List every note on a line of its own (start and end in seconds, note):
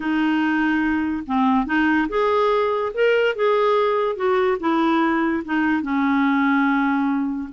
0.00 1.23 D#4
1.26 1.66 C4
1.66 2.07 D#4
2.09 2.92 G#4
2.93 3.35 A#4
3.35 4.16 G#4
4.16 4.57 F#4
4.60 5.43 E4
5.45 5.82 D#4
5.82 7.48 C#4